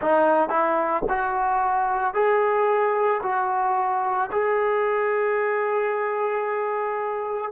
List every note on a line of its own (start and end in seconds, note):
0.01 0.49 D#4
0.49 1.02 E4
1.09 2.14 F#4
2.14 3.21 G#4
3.22 4.30 F#4
4.31 7.51 G#4